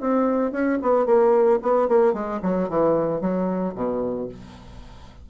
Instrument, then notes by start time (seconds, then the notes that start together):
bassoon
0.00 C4
0.51 C#4
0.81 B3
1.05 A#3
1.62 B3
1.88 A#3
2.13 G#3
2.42 F#3
2.69 E3
3.21 F#3
3.75 B2